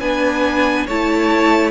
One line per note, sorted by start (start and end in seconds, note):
0.00 0.87 B3
0.00 0.88 D4
0.00 0.86 B4
0.00 0.87 G#5
0.86 1.71 A3
0.86 1.71 E4
0.86 1.71 C#5
0.86 1.71 A5